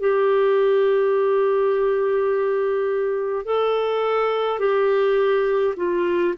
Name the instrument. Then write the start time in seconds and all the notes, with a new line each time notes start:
clarinet
0.00 G4
3.45 A4
4.59 G4
5.76 F4